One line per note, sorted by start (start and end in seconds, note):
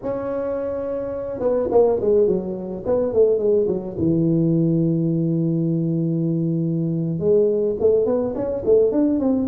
0.02 1.39 C#4
1.39 1.67 B3
1.71 1.99 A#3
2.00 2.27 G#3
2.27 2.83 F#3
2.85 3.13 B3
3.13 3.38 A3
3.38 3.66 G#3
3.67 3.95 F#3
3.98 7.19 E3
7.19 7.75 G#3
7.80 8.05 A3
8.05 8.34 B3
8.35 8.63 C#4
8.64 8.92 A3
8.92 9.19 D4
9.19 9.47 C4